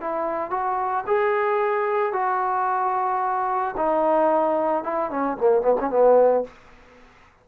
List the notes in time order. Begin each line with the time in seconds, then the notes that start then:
0.00 E4
0.50 F#4
1.06 G#4
2.13 F#4
3.77 D#4
4.83 E4
5.10 C#4
5.37 A#3
5.61 B3
5.80 C#4
5.89 B3